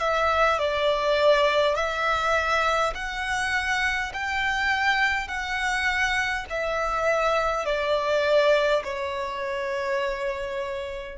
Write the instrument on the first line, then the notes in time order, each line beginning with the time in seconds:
violin
0.00 E5
0.59 D5
1.75 E5
2.95 F#5
4.13 G5
5.28 F#5
6.50 E5
7.65 D5
8.83 C#5